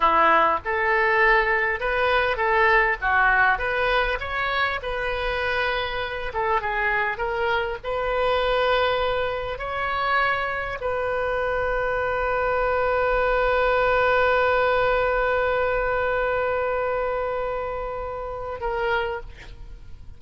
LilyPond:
\new Staff \with { instrumentName = "oboe" } { \time 4/4 \tempo 4 = 100 e'4 a'2 b'4 | a'4 fis'4 b'4 cis''4 | b'2~ b'8 a'8 gis'4 | ais'4 b'2. |
cis''2 b'2~ | b'1~ | b'1~ | b'2. ais'4 | }